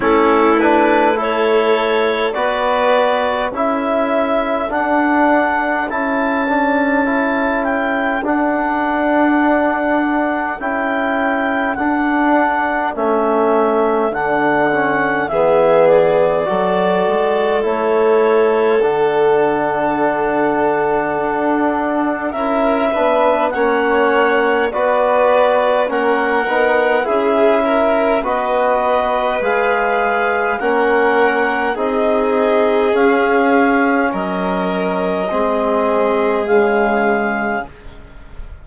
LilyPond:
<<
  \new Staff \with { instrumentName = "clarinet" } { \time 4/4 \tempo 4 = 51 a'8 b'8 cis''4 d''4 e''4 | fis''4 a''4. g''8 fis''4~ | fis''4 g''4 fis''4 e''4 | fis''4 e''8 d''4. cis''4 |
fis''2. e''4 | fis''4 d''4 fis''4 e''4 | dis''4 f''4 fis''4 dis''4 | f''4 dis''2 f''4 | }
  \new Staff \with { instrumentName = "violin" } { \time 4/4 e'4 a'4 b'4 a'4~ | a'1~ | a'1~ | a'4 gis'4 a'2~ |
a'2. ais'8 b'8 | cis''4 b'4 ais'4 gis'8 ais'8 | b'2 ais'4 gis'4~ | gis'4 ais'4 gis'2 | }
  \new Staff \with { instrumentName = "trombone" } { \time 4/4 cis'8 d'8 e'4 fis'4 e'4 | d'4 e'8 d'8 e'4 d'4~ | d'4 e'4 d'4 cis'4 | d'8 cis'8 b4 fis'4 e'4 |
d'2. e'8 d'8 | cis'4 fis'4 cis'8 dis'8 e'4 | fis'4 gis'4 cis'4 dis'4 | cis'2 c'4 gis4 | }
  \new Staff \with { instrumentName = "bassoon" } { \time 4/4 a2 b4 cis'4 | d'4 cis'2 d'4~ | d'4 cis'4 d'4 a4 | d4 e4 fis8 gis8 a4 |
d2 d'4 cis'8 b8 | ais4 b4 ais8 b8 cis'4 | b4 gis4 ais4 c'4 | cis'4 fis4 gis4 cis4 | }
>>